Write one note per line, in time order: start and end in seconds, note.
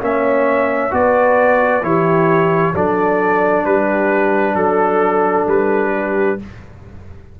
0.00 0.92 A#3
0.00 0.91 C#4
0.00 0.93 C#5
0.00 0.94 E5
0.91 1.82 B3
0.91 1.81 F#4
0.91 1.85 B4
0.91 1.84 D5
1.82 2.73 E3
1.82 2.74 E4
1.82 2.73 G4
1.82 2.75 C#5
2.73 3.65 F#3
2.73 6.39 D4
2.73 3.64 A4
2.73 3.65 D5
3.65 4.54 G3
3.65 4.54 G4
3.65 4.55 B4
4.54 5.45 F#3
4.54 5.90 A4
4.54 5.46 A4
5.47 6.37 G3
5.47 6.39 B4
5.93 6.39 G4